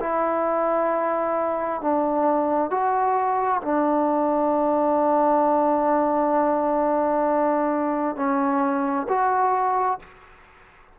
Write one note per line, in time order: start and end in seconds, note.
0.00 1.81 E4
1.81 2.70 D4
2.70 3.61 F#4
3.62 8.16 D4
8.16 9.07 C#4
9.09 10.00 F#4